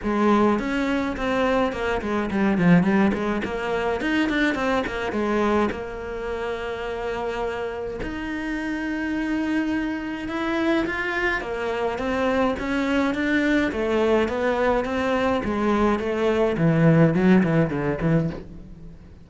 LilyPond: \new Staff \with { instrumentName = "cello" } { \time 4/4 \tempo 4 = 105 gis4 cis'4 c'4 ais8 gis8 | g8 f8 g8 gis8 ais4 dis'8 d'8 | c'8 ais8 gis4 ais2~ | ais2 dis'2~ |
dis'2 e'4 f'4 | ais4 c'4 cis'4 d'4 | a4 b4 c'4 gis4 | a4 e4 fis8 e8 d8 e8 | }